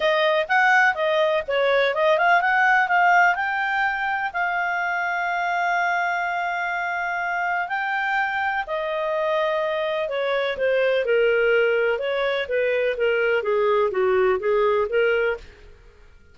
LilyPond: \new Staff \with { instrumentName = "clarinet" } { \time 4/4 \tempo 4 = 125 dis''4 fis''4 dis''4 cis''4 | dis''8 f''8 fis''4 f''4 g''4~ | g''4 f''2.~ | f''1 |
g''2 dis''2~ | dis''4 cis''4 c''4 ais'4~ | ais'4 cis''4 b'4 ais'4 | gis'4 fis'4 gis'4 ais'4 | }